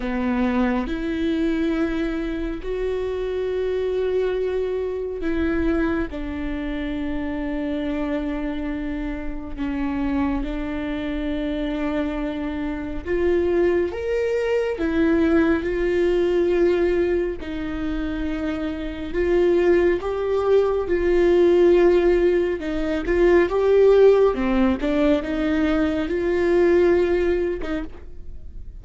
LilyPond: \new Staff \with { instrumentName = "viola" } { \time 4/4 \tempo 4 = 69 b4 e'2 fis'4~ | fis'2 e'4 d'4~ | d'2. cis'4 | d'2. f'4 |
ais'4 e'4 f'2 | dis'2 f'4 g'4 | f'2 dis'8 f'8 g'4 | c'8 d'8 dis'4 f'4.~ f'16 dis'16 | }